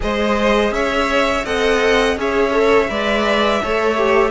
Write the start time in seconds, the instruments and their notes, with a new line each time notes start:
0.00 cello G#3, viola G#4, violin C5 D#5
0.71 cello C#4, violin C#5 E5
1.44 cello C4, viola A4, violin D#5 F#5
2.16 cello C#4, viola G#4, violin C#5 E5
2.51 viola A4
2.88 cello G#3, viola B4, violin D5
3.62 cello A3, viola A4, violin C#5
3.97 viola G4